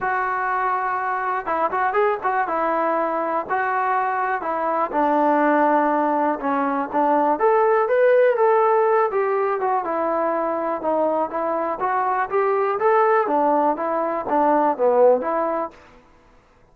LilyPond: \new Staff \with { instrumentName = "trombone" } { \time 4/4 \tempo 4 = 122 fis'2. e'8 fis'8 | gis'8 fis'8 e'2 fis'4~ | fis'4 e'4 d'2~ | d'4 cis'4 d'4 a'4 |
b'4 a'4. g'4 fis'8 | e'2 dis'4 e'4 | fis'4 g'4 a'4 d'4 | e'4 d'4 b4 e'4 | }